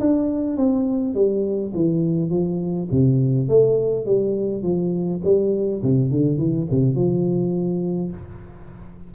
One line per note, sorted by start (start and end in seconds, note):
0.00 0.57 D4
0.57 1.14 C4
1.14 1.72 G3
1.74 2.30 E3
2.30 2.88 F3
2.91 3.48 C3
3.48 4.06 A3
4.06 4.63 G3
4.63 5.21 F3
5.24 5.82 G3
5.82 6.11 C3
6.11 6.38 D3
6.38 6.67 E3
6.71 6.95 C3
6.95 8.12 F3